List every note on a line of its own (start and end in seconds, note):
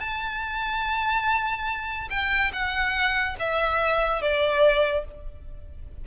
0.00 2.08 A5
2.10 2.52 G5
2.53 3.36 F#5
3.39 4.22 E5
4.22 5.05 D5